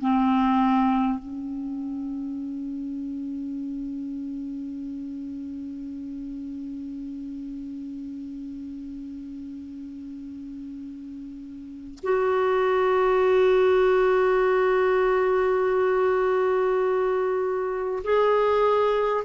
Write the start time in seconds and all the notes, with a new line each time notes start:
0.00 C4
1.18 C#4
12.03 F#4
18.04 G#4